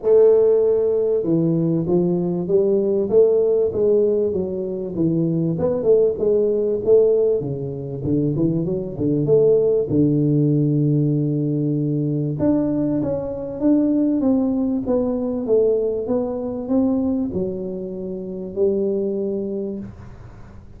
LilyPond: \new Staff \with { instrumentName = "tuba" } { \time 4/4 \tempo 4 = 97 a2 e4 f4 | g4 a4 gis4 fis4 | e4 b8 a8 gis4 a4 | cis4 d8 e8 fis8 d8 a4 |
d1 | d'4 cis'4 d'4 c'4 | b4 a4 b4 c'4 | fis2 g2 | }